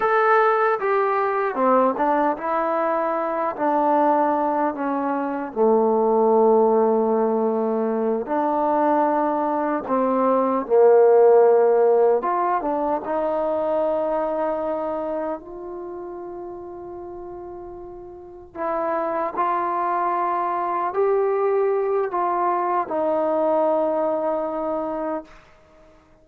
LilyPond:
\new Staff \with { instrumentName = "trombone" } { \time 4/4 \tempo 4 = 76 a'4 g'4 c'8 d'8 e'4~ | e'8 d'4. cis'4 a4~ | a2~ a8 d'4.~ | d'8 c'4 ais2 f'8 |
d'8 dis'2. f'8~ | f'2.~ f'8 e'8~ | e'8 f'2 g'4. | f'4 dis'2. | }